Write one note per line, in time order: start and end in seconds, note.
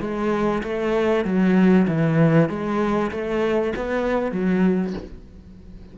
0.00 0.62 G#3
0.63 1.24 A3
1.24 1.86 F#3
1.87 2.49 E3
2.49 3.11 G#3
3.11 3.73 A3
3.76 4.31 B3
4.31 4.93 F#3